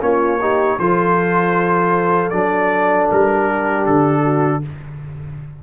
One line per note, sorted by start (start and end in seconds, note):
0.00 0.78 A#3
0.00 0.38 C#4
0.00 0.40 F4
0.00 0.79 C#5
0.40 0.79 D#4
0.40 0.79 G4
0.79 2.32 F3
0.79 2.32 F4
0.79 3.46 A4
0.79 2.29 C5
2.29 3.08 F#3
2.29 4.63 D4
2.29 3.06 D5
3.11 3.86 G3
3.11 3.86 A#4
3.46 4.22 G4
3.86 4.63 D3
3.86 4.62 A4
4.22 4.61 F#4